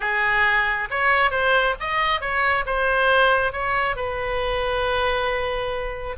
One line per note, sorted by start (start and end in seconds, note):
0.00 0.88 G#4
0.90 1.30 C#5
1.30 1.74 C5
1.80 2.20 D#5
2.20 2.64 C#5
2.66 3.52 C5
3.52 3.95 C#5
3.95 6.16 B4